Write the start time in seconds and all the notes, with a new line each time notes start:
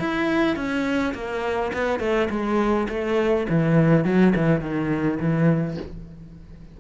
0.00 E4
0.56 C#4
1.15 A#3
1.74 B3
2.00 A3
2.31 G#3
2.89 A3
3.50 E3
4.05 F#3
4.36 E3
4.61 D#3
5.20 E3